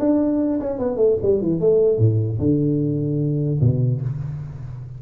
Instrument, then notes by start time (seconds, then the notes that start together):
tuba
0.00 D4
0.61 C#4
0.79 B3
0.97 A3
1.23 G3
1.42 E3
1.61 A3
1.99 A2
2.39 D3
3.61 B2